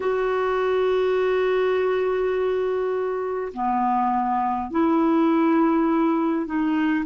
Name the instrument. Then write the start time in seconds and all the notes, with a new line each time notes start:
clarinet
0.00 F#4
3.53 B3
4.71 E4
6.45 D#4